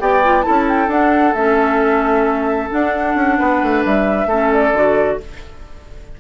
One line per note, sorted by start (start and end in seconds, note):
0.00 0.45 B3
0.00 0.23 G4
0.00 0.45 D5
0.00 0.42 G5
0.24 0.42 F4
0.42 0.87 E4
0.42 3.38 A4
0.42 0.65 A5
0.49 0.87 C#4
0.68 0.91 G5
0.87 1.33 D4
0.87 1.34 D4
0.87 1.34 F#5
1.34 2.70 A3
1.34 2.70 C#4
1.34 2.69 E5
2.70 4.28 D4
2.70 3.15 D4
2.70 3.84 F#5
3.15 3.37 C#4
3.38 3.62 B3
3.38 4.28 B4
3.62 3.85 A3
3.85 4.26 G3
3.85 4.52 E5
4.26 4.71 A3
4.26 4.75 C#4
4.26 5.18 A4
4.52 5.20 D5
4.73 5.18 D3
4.73 5.20 F#4